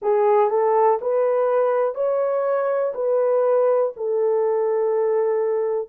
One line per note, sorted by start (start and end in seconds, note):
0.01 0.50 G#4
0.50 0.99 A4
1.01 1.94 B4
1.94 2.93 C#5
2.94 3.92 B4
3.96 5.88 A4